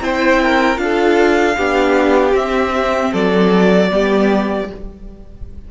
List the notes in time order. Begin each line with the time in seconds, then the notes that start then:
0.00 C4 E4 C5 G5
0.42 A#4
0.77 D4 F4 F5
0.83 A4
1.56 B3 D4 G4
2.32 C4 E5
3.11 F#3 A4 D5
3.90 G3 B3 G4